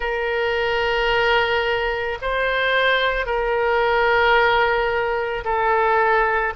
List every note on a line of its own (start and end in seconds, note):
0.00 2.18 A#4
2.21 3.25 C5
3.25 5.43 A#4
5.44 6.53 A4